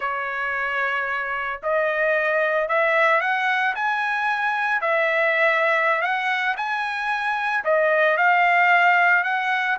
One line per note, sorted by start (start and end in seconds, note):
0.00 1.60 C#5
1.62 2.68 D#5
2.68 3.20 E5
3.20 3.74 F#5
3.75 4.81 G#5
4.81 6.01 E5
6.01 6.55 F#5
6.56 7.63 G#5
7.64 8.17 D#5
8.17 9.23 F5
9.23 9.77 F#5